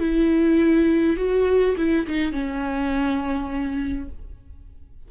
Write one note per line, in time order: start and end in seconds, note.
0.00 1.17 E4
1.17 1.76 F#4
1.78 2.07 E4
2.07 2.33 D#4
2.33 4.09 C#4